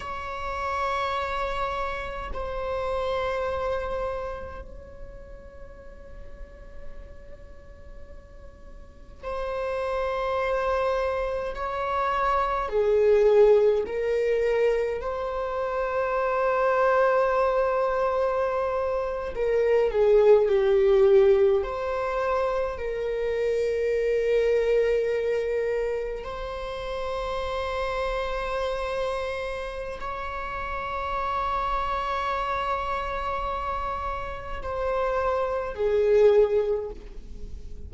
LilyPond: \new Staff \with { instrumentName = "viola" } { \time 4/4 \tempo 4 = 52 cis''2 c''2 | cis''1 | c''2 cis''4 gis'4 | ais'4 c''2.~ |
c''8. ais'8 gis'8 g'4 c''4 ais'16~ | ais'2~ ais'8. c''4~ c''16~ | c''2 cis''2~ | cis''2 c''4 gis'4 | }